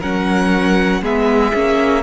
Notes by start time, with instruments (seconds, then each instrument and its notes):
0.00 cello F#3, viola C#4, violin A#4 F#5
1.02 cello G#3, viola B3, violin G#4 E5
1.54 cello A#3, viola C#4